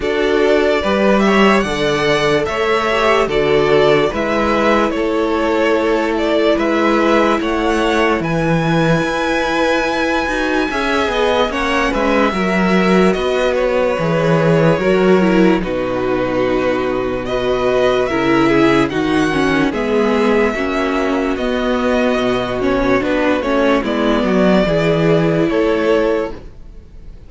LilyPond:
<<
  \new Staff \with { instrumentName = "violin" } { \time 4/4 \tempo 4 = 73 d''4. e''8 fis''4 e''4 | d''4 e''4 cis''4. d''8 | e''4 fis''4 gis''2~ | gis''2 fis''8 e''4. |
dis''8 cis''2~ cis''8 b'4~ | b'4 dis''4 e''4 fis''4 | e''2 dis''4. cis''8 | b'8 cis''8 d''2 cis''4 | }
  \new Staff \with { instrumentName = "violin" } { \time 4/4 a'4 b'8 cis''8 d''4 cis''4 | a'4 b'4 a'2 | b'4 cis''4 b'2~ | b'4 e''8 dis''8 cis''8 b'8 ais'4 |
b'2 ais'4 fis'4~ | fis'4 b'4 ais'8 gis'8 fis'4 | gis'4 fis'2.~ | fis'4 e'8 fis'8 gis'4 a'4 | }
  \new Staff \with { instrumentName = "viola" } { \time 4/4 fis'4 g'4 a'4. g'8 | fis'4 e'2.~ | e'1~ | e'8 fis'8 gis'4 cis'4 fis'4~ |
fis'4 gis'4 fis'8 e'8 dis'4~ | dis'4 fis'4 e'4 dis'8 cis'8 | b4 cis'4 b4. cis'8 | d'8 cis'8 b4 e'2 | }
  \new Staff \with { instrumentName = "cello" } { \time 4/4 d'4 g4 d4 a4 | d4 gis4 a2 | gis4 a4 e4 e'4~ | e'8 dis'8 cis'8 b8 ais8 gis8 fis4 |
b4 e4 fis4 b,4~ | b,2 cis4 dis4 | gis4 ais4 b4 b,4 | b8 a8 gis8 fis8 e4 a4 | }
>>